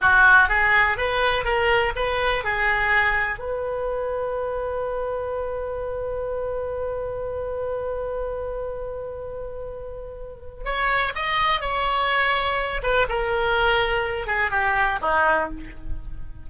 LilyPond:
\new Staff \with { instrumentName = "oboe" } { \time 4/4 \tempo 4 = 124 fis'4 gis'4 b'4 ais'4 | b'4 gis'2 b'4~ | b'1~ | b'1~ |
b'1~ | b'2 cis''4 dis''4 | cis''2~ cis''8 b'8 ais'4~ | ais'4. gis'8 g'4 dis'4 | }